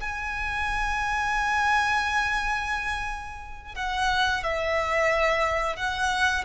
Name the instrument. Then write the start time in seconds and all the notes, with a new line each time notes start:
violin
0.00 G#5
3.75 F#5
4.43 E5
5.76 F#5